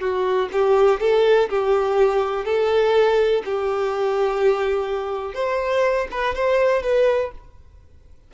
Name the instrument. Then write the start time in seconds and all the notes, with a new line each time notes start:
violin
0.00 F#4
0.52 G4
1.00 A4
1.49 G4
2.45 A4
3.44 G4
5.34 C5
6.10 B4
6.34 C5
6.82 B4